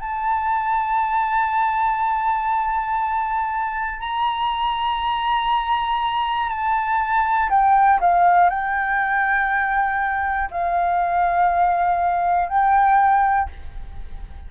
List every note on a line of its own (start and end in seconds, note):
0.00 4.00 A5
4.00 6.49 A#5
6.49 7.49 A5
7.49 7.99 G5
8.00 8.49 F5
8.49 10.49 G5
10.50 12.48 F5
12.48 13.48 G5